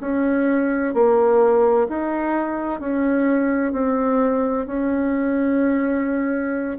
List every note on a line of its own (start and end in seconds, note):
0.00 0.94 C#4
0.94 1.87 A#3
1.88 2.80 D#4
2.80 3.72 C#4
3.72 4.66 C4
4.66 6.77 C#4